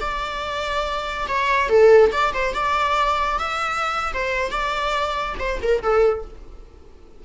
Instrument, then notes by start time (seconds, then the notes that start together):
viola
0.00 D5
1.28 C#5
1.69 A4
2.12 D5
2.33 C5
2.54 D5
3.39 E5
4.13 C5
4.51 D5
5.39 C5
5.62 A#4
5.82 A4